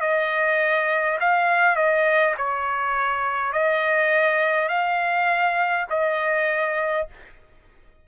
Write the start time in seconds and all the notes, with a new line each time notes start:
0.00 D#5
1.20 F5
1.76 D#5
2.37 C#5
3.52 D#5
4.68 F5
5.90 D#5